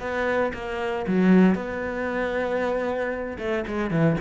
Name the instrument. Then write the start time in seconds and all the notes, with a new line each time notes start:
cello
0.00 B3
0.54 A#3
1.07 F#3
1.55 B3
3.38 A3
3.68 G#3
3.91 E3